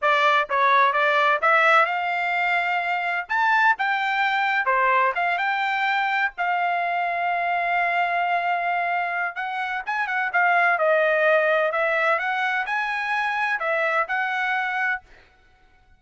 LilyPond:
\new Staff \with { instrumentName = "trumpet" } { \time 4/4 \tempo 4 = 128 d''4 cis''4 d''4 e''4 | f''2. a''4 | g''2 c''4 f''8 g''8~ | g''4. f''2~ f''8~ |
f''1 | fis''4 gis''8 fis''8 f''4 dis''4~ | dis''4 e''4 fis''4 gis''4~ | gis''4 e''4 fis''2 | }